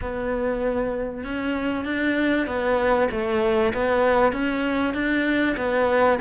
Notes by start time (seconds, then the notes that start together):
0.01 B3
1.24 C#4
1.84 D4
2.46 B3
3.11 A3
3.73 B3
4.32 C#4
4.93 D4
5.57 B3